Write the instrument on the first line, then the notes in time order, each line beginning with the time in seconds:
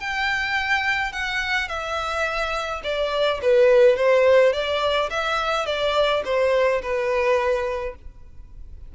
violin
0.00 G5
1.12 F#5
1.69 E5
2.84 D5
3.42 B4
3.96 C5
4.53 D5
5.10 E5
5.66 D5
6.25 C5
6.82 B4